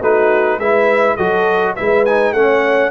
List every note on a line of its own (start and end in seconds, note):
0.00 0.58 A3
0.00 0.60 D#4
0.00 0.58 F#4
0.00 0.59 B4
0.58 1.16 G#3
0.58 1.18 E4
0.58 1.16 B4
0.58 1.16 E5
1.16 1.76 F#3
1.16 1.76 F#4
1.16 1.74 A4
1.16 1.74 D#5
1.75 2.32 G#3
1.75 2.06 E4
1.75 2.34 B4
1.75 2.05 E5
2.05 2.35 D#4
2.05 2.32 G#5
2.32 2.90 A3
2.32 2.91 C#4
2.32 2.91 C#5
2.32 2.91 F#5